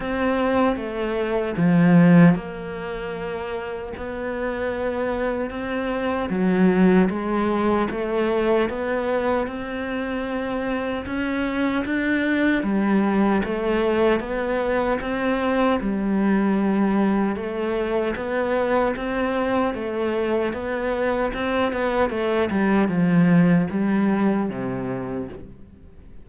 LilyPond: \new Staff \with { instrumentName = "cello" } { \time 4/4 \tempo 4 = 76 c'4 a4 f4 ais4~ | ais4 b2 c'4 | fis4 gis4 a4 b4 | c'2 cis'4 d'4 |
g4 a4 b4 c'4 | g2 a4 b4 | c'4 a4 b4 c'8 b8 | a8 g8 f4 g4 c4 | }